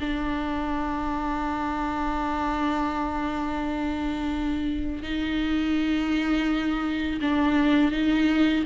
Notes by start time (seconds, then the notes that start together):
0.00 D4
5.03 D#4
7.22 D4
7.92 D#4